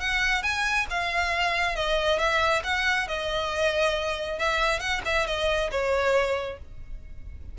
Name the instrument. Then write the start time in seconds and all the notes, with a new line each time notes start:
violin
0.00 F#5
0.42 G#5
0.90 F5
1.76 D#5
2.19 E5
2.64 F#5
3.07 D#5
4.39 E5
4.79 F#5
5.05 E5
5.27 D#5
5.71 C#5